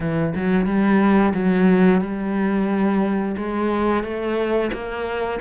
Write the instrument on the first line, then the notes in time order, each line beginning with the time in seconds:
cello
0.00 E3
0.35 F#3
0.66 G3
1.34 F#3
2.00 G3
3.36 G#3
4.03 A3
4.72 A#3